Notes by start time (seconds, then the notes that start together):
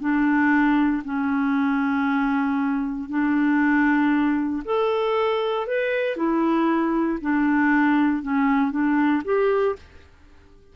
0.00 D4
1.04 C#4
3.09 D4
4.65 A4
5.67 B4
6.16 E4
7.21 D4
8.22 C#4
8.71 D4
9.24 G4